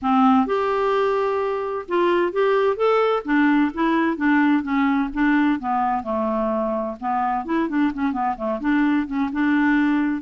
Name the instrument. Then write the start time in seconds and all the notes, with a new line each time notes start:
clarinet
0.01 C4
0.46 G4
1.88 F4
2.32 G4
2.76 A4
3.25 D4
3.74 E4
4.16 D4
4.62 C#4
5.13 D4
5.59 B3
6.03 A3
7.00 B3
7.45 E4
7.68 D4
7.93 C#4
8.12 B3
8.36 A3
8.60 D4
9.07 C#4
9.32 D4